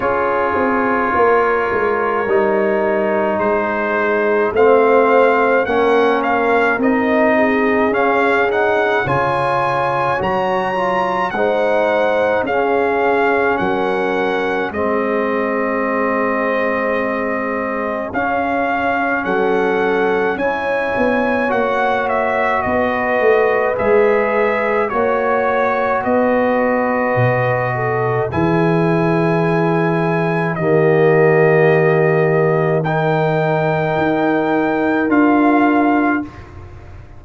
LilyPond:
<<
  \new Staff \with { instrumentName = "trumpet" } { \time 4/4 \tempo 4 = 53 cis''2. c''4 | f''4 fis''8 f''8 dis''4 f''8 fis''8 | gis''4 ais''4 fis''4 f''4 | fis''4 dis''2. |
f''4 fis''4 gis''4 fis''8 e''8 | dis''4 e''4 cis''4 dis''4~ | dis''4 gis''2 dis''4~ | dis''4 g''2 f''4 | }
  \new Staff \with { instrumentName = "horn" } { \time 4/4 gis'4 ais'2 gis'4 | c''4 ais'4. gis'4. | cis''2 c''4 gis'4 | ais'4 gis'2.~ |
gis'4 a'4 cis''2 | b'2 cis''4 b'4~ | b'8 a'8 gis'2 g'4~ | g'4 ais'2. | }
  \new Staff \with { instrumentName = "trombone" } { \time 4/4 f'2 dis'2 | c'4 cis'4 dis'4 cis'8 dis'8 | f'4 fis'8 f'8 dis'4 cis'4~ | cis'4 c'2. |
cis'2 e'4 fis'4~ | fis'4 gis'4 fis'2~ | fis'4 e'2 ais4~ | ais4 dis'2 f'4 | }
  \new Staff \with { instrumentName = "tuba" } { \time 4/4 cis'8 c'8 ais8 gis8 g4 gis4 | a4 ais4 c'4 cis'4 | cis4 fis4 gis4 cis'4 | fis4 gis2. |
cis'4 fis4 cis'8 b8 ais4 | b8 a8 gis4 ais4 b4 | b,4 e2 dis4~ | dis2 dis'4 d'4 | }
>>